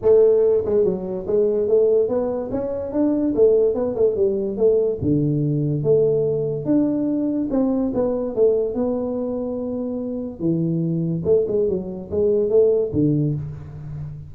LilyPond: \new Staff \with { instrumentName = "tuba" } { \time 4/4 \tempo 4 = 144 a4. gis8 fis4 gis4 | a4 b4 cis'4 d'4 | a4 b8 a8 g4 a4 | d2 a2 |
d'2 c'4 b4 | a4 b2.~ | b4 e2 a8 gis8 | fis4 gis4 a4 d4 | }